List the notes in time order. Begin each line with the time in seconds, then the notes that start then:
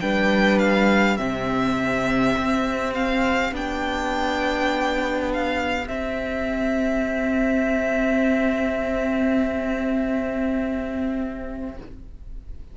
0.00 G3 D4 B4 G5
0.59 F5
1.17 C3 C4 G4 E5
2.37 C4
2.94 F5
3.53 B3 D4 G5
5.33 F5
5.87 C4 E5